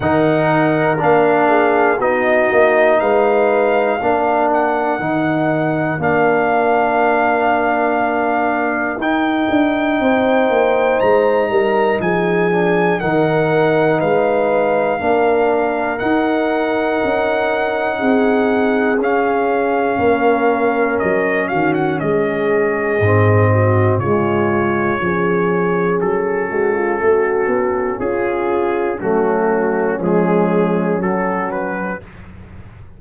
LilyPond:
<<
  \new Staff \with { instrumentName = "trumpet" } { \time 4/4 \tempo 4 = 60 fis''4 f''4 dis''4 f''4~ | f''8 fis''4. f''2~ | f''4 g''2 ais''4 | gis''4 fis''4 f''2 |
fis''2. f''4~ | f''4 dis''8 f''16 fis''16 dis''2 | cis''2 a'2 | gis'4 fis'4 gis'4 a'8 b'8 | }
  \new Staff \with { instrumentName = "horn" } { \time 4/4 ais'4. gis'8 fis'4 b'4 | ais'1~ | ais'2 c''4. ais'8 | gis'4 ais'4 b'4 ais'4~ |
ais'2 gis'2 | ais'4. fis'8 gis'4. fis'8 | f'4 gis'4. fis'16 f'16 fis'4 | f'4 cis'2. | }
  \new Staff \with { instrumentName = "trombone" } { \time 4/4 dis'4 d'4 dis'2 | d'4 dis'4 d'2~ | d'4 dis'2.~ | dis'8 d'8 dis'2 d'4 |
dis'2. cis'4~ | cis'2. c'4 | gis4 cis'2.~ | cis'4 a4 gis4 fis4 | }
  \new Staff \with { instrumentName = "tuba" } { \time 4/4 dis4 ais4 b8 ais8 gis4 | ais4 dis4 ais2~ | ais4 dis'8 d'8 c'8 ais8 gis8 g8 | f4 dis4 gis4 ais4 |
dis'4 cis'4 c'4 cis'4 | ais4 fis8 dis8 gis4 gis,4 | cis4 f4 fis8 gis8 a8 b8 | cis'4 fis4 f4 fis4 | }
>>